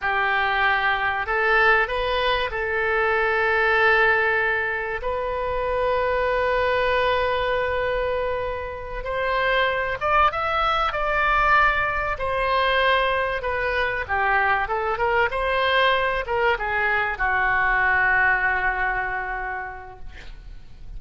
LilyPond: \new Staff \with { instrumentName = "oboe" } { \time 4/4 \tempo 4 = 96 g'2 a'4 b'4 | a'1 | b'1~ | b'2~ b'8 c''4. |
d''8 e''4 d''2 c''8~ | c''4. b'4 g'4 a'8 | ais'8 c''4. ais'8 gis'4 fis'8~ | fis'1 | }